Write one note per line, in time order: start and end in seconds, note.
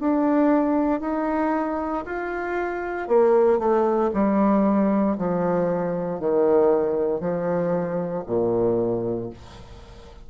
0.00 1.01 D4
1.01 2.05 D#4
2.06 3.08 F4
3.08 3.59 A#3
3.59 4.11 A3
4.14 5.17 G3
5.18 6.20 F3
6.20 7.21 D#3
7.21 8.24 F3
8.27 9.31 A#2